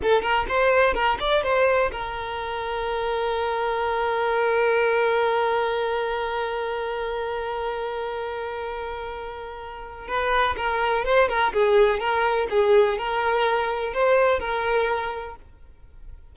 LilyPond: \new Staff \with { instrumentName = "violin" } { \time 4/4 \tempo 4 = 125 a'8 ais'8 c''4 ais'8 d''8 c''4 | ais'1~ | ais'1~ | ais'1~ |
ais'1~ | ais'4 b'4 ais'4 c''8 ais'8 | gis'4 ais'4 gis'4 ais'4~ | ais'4 c''4 ais'2 | }